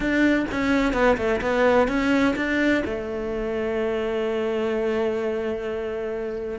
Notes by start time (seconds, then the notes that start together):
0.00 D4
0.51 C#4
0.93 B3
1.17 A3
1.41 B3
1.87 C#4
2.36 D4
2.85 A3